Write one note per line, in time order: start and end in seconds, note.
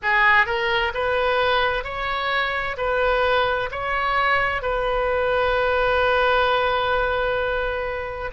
0.02 0.46 G#4
0.46 0.92 A#4
0.94 1.84 B4
1.84 2.76 C#5
2.77 3.69 B4
3.71 4.62 C#5
4.62 8.31 B4